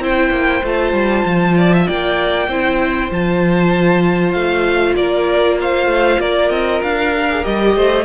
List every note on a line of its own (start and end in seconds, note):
0.00 0.31 C4
0.00 0.64 E4
0.00 1.58 C5
0.00 0.66 G5
0.31 0.62 A#3
0.64 0.93 A3
0.64 2.50 F4
0.64 1.87 A5
0.93 1.24 G3
1.26 1.88 F3
1.58 1.74 D5
1.74 1.88 E5
1.87 2.49 A#3
1.87 2.49 D5
1.87 3.11 G5
2.49 3.10 C4
2.49 3.12 E4
2.49 4.96 C5
3.11 4.35 F3
3.11 7.14 F4
3.11 4.32 A5
4.32 4.97 A3
4.32 4.94 F5
4.96 5.86 A#3
4.96 5.59 A#4
4.96 5.58 D5
5.61 6.21 C5
5.61 6.21 F5
5.86 6.17 A3
6.20 6.51 A#3
6.20 7.76 A#4
6.20 6.51 D5
6.51 6.82 C4
6.51 6.82 D#5
6.83 7.45 D4
6.83 7.45 F5
7.14 7.30 G4
7.31 7.43 G#4
7.43 7.76 G3
7.43 8.05 G4
7.43 8.05 D#5
7.76 8.05 A3
7.76 8.05 C5